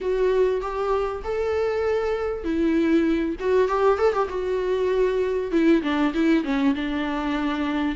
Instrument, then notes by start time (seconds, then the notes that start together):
viola
0.00 F#4
0.61 G4
1.24 A4
2.44 E4
3.39 F#4
3.68 G4
3.98 A4
4.13 G4
4.29 F#4
5.51 E4
5.82 D4
6.14 E4
6.43 C#4
6.74 D4